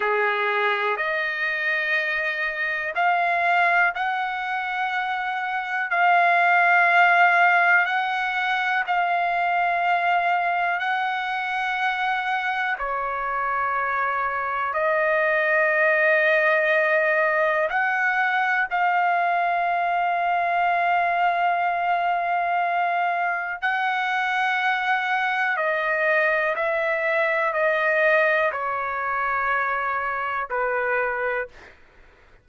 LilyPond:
\new Staff \with { instrumentName = "trumpet" } { \time 4/4 \tempo 4 = 61 gis'4 dis''2 f''4 | fis''2 f''2 | fis''4 f''2 fis''4~ | fis''4 cis''2 dis''4~ |
dis''2 fis''4 f''4~ | f''1 | fis''2 dis''4 e''4 | dis''4 cis''2 b'4 | }